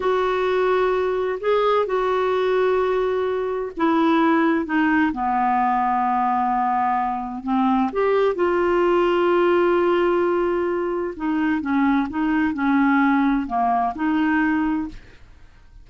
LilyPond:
\new Staff \with { instrumentName = "clarinet" } { \time 4/4 \tempo 4 = 129 fis'2. gis'4 | fis'1 | e'2 dis'4 b4~ | b1 |
c'4 g'4 f'2~ | f'1 | dis'4 cis'4 dis'4 cis'4~ | cis'4 ais4 dis'2 | }